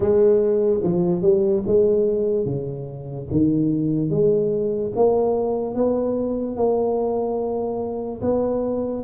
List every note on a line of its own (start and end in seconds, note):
0.00 0.80 G#3
0.83 1.22 F3
1.22 1.63 G3
1.66 2.45 G#3
2.45 3.27 C#3
3.31 4.09 D#3
4.09 4.92 G#3
4.95 5.75 A#3
5.75 6.56 B3
6.56 8.20 A#3
8.21 9.03 B3